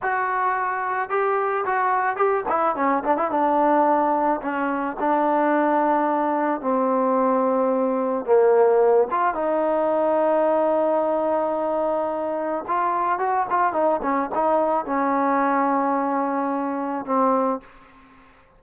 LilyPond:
\new Staff \with { instrumentName = "trombone" } { \time 4/4 \tempo 4 = 109 fis'2 g'4 fis'4 | g'8 e'8 cis'8 d'16 e'16 d'2 | cis'4 d'2. | c'2. ais4~ |
ais8 f'8 dis'2.~ | dis'2. f'4 | fis'8 f'8 dis'8 cis'8 dis'4 cis'4~ | cis'2. c'4 | }